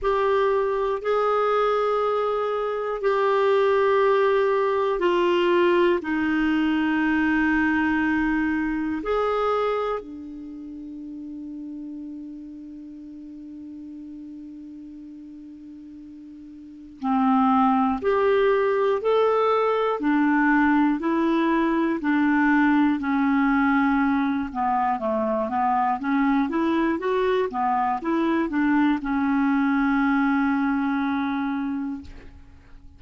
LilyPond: \new Staff \with { instrumentName = "clarinet" } { \time 4/4 \tempo 4 = 60 g'4 gis'2 g'4~ | g'4 f'4 dis'2~ | dis'4 gis'4 d'2~ | d'1~ |
d'4 c'4 g'4 a'4 | d'4 e'4 d'4 cis'4~ | cis'8 b8 a8 b8 cis'8 e'8 fis'8 b8 | e'8 d'8 cis'2. | }